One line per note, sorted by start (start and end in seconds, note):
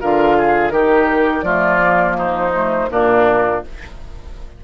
0.00 0.71 D3
0.00 0.72 F4
0.00 0.36 A#4
0.00 0.69 F5
0.37 0.72 G#4
0.69 1.42 D#3
0.69 1.44 D#4
0.69 1.44 G4
0.69 1.42 A#4
1.42 2.86 F3
1.42 1.78 A3
1.42 2.17 F4
1.42 2.14 D5
1.78 2.51 A#3
2.17 2.89 D#4
2.17 2.91 C5
2.53 2.89 A3
2.90 3.63 A#2
2.90 3.62 A#3
2.90 3.64 D4
2.90 3.63 A#4